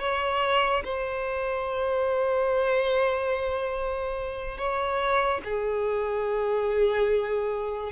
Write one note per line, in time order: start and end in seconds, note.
0.00 0.83 C#5
0.84 4.58 C5
4.58 5.41 C#5
5.45 7.92 G#4